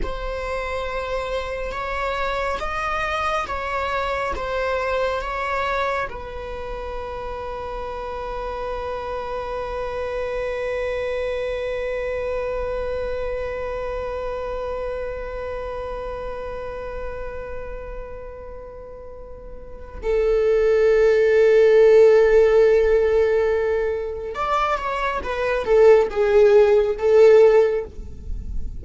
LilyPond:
\new Staff \with { instrumentName = "viola" } { \time 4/4 \tempo 4 = 69 c''2 cis''4 dis''4 | cis''4 c''4 cis''4 b'4~ | b'1~ | b'1~ |
b'1~ | b'2. a'4~ | a'1 | d''8 cis''8 b'8 a'8 gis'4 a'4 | }